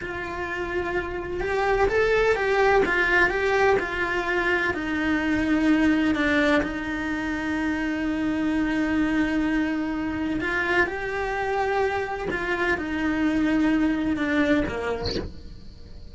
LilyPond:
\new Staff \with { instrumentName = "cello" } { \time 4/4 \tempo 4 = 127 f'2. g'4 | a'4 g'4 f'4 g'4 | f'2 dis'2~ | dis'4 d'4 dis'2~ |
dis'1~ | dis'2 f'4 g'4~ | g'2 f'4 dis'4~ | dis'2 d'4 ais4 | }